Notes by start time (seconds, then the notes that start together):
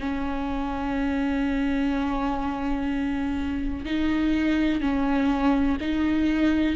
0.00 C#4
3.85 D#4
4.81 C#4
5.81 D#4